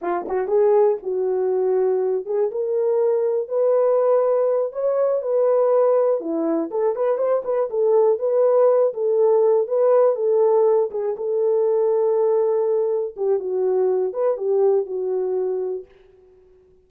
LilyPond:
\new Staff \with { instrumentName = "horn" } { \time 4/4 \tempo 4 = 121 f'8 fis'8 gis'4 fis'2~ | fis'8 gis'8 ais'2 b'4~ | b'4. cis''4 b'4.~ | b'8 e'4 a'8 b'8 c''8 b'8 a'8~ |
a'8 b'4. a'4. b'8~ | b'8 a'4. gis'8 a'4.~ | a'2~ a'8 g'8 fis'4~ | fis'8 b'8 g'4 fis'2 | }